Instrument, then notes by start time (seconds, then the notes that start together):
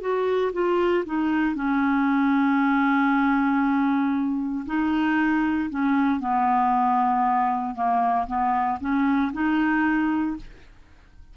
clarinet
0.00 F#4
0.52 F4
1.05 D#4
1.55 C#4
4.66 D#4
5.70 C#4
6.20 B3
7.74 A#3
8.27 B3
8.80 C#4
9.32 D#4